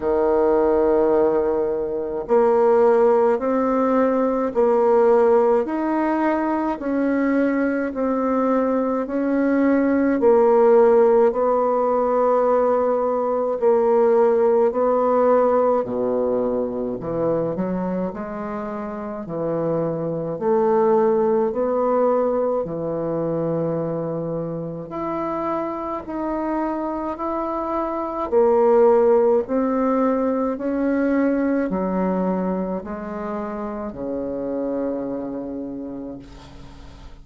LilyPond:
\new Staff \with { instrumentName = "bassoon" } { \time 4/4 \tempo 4 = 53 dis2 ais4 c'4 | ais4 dis'4 cis'4 c'4 | cis'4 ais4 b2 | ais4 b4 b,4 e8 fis8 |
gis4 e4 a4 b4 | e2 e'4 dis'4 | e'4 ais4 c'4 cis'4 | fis4 gis4 cis2 | }